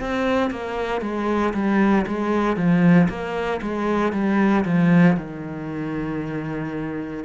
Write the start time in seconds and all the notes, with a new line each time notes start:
0.00 C4
0.50 A#3
1.02 G#3
1.54 G3
2.07 G#3
2.56 F3
3.09 A#3
3.62 G#3
4.13 G3
4.65 F3
5.17 D#3